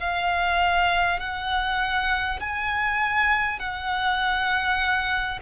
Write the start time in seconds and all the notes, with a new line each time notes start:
0.00 F5
1.19 F#5
2.41 G#5
3.59 F#5